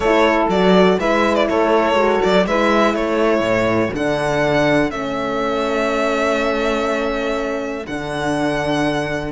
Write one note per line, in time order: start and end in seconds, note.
0.00 0.46 A3
0.00 0.51 E4
0.00 0.98 A4
0.00 0.47 C#5
0.48 0.97 F#3
0.48 0.99 F#4
0.48 0.99 D5
0.98 1.48 G#3
0.98 1.94 E4
0.98 1.47 B4
0.98 1.35 E5
1.35 1.47 D5
1.47 1.94 A3
1.47 2.46 A4
1.47 2.21 C#5
1.94 2.19 G#3
1.94 2.44 F#4
2.21 2.46 F#3
2.21 2.46 D5
2.46 2.94 G#3
2.46 3.94 E4
2.46 2.95 B4
2.46 2.95 E5
2.94 3.40 A3
2.94 9.32 A4
2.94 3.93 C#5
3.40 3.89 A2
3.94 4.91 D3
3.94 4.90 D4
3.94 4.90 F#5
4.90 7.86 A3
4.90 7.85 C#4
4.90 7.86 E5
7.86 9.32 D3
7.86 9.32 D4
7.86 9.32 F#5